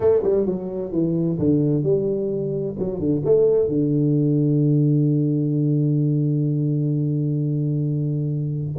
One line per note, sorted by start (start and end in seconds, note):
0.00 0.22 A3
0.23 0.46 G3
0.46 0.92 F#3
0.92 1.38 E3
1.38 1.83 D3
1.83 2.75 G3
2.78 2.99 F#3
2.99 3.22 D3
3.24 3.67 A3
3.67 8.75 D3